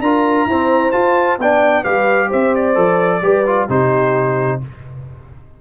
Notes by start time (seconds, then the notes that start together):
0.00 D4 F4 A#4 A#5
0.46 C4 E4 C5
0.92 F4 A5
1.39 B3 D4 D5 G5
1.84 G3 G4 B4 F5
2.28 C4 C5 E5
2.55 D5
2.75 F3 A4
3.22 G3 G4 B4
3.46 F4
3.69 C3 D#4 G4 C5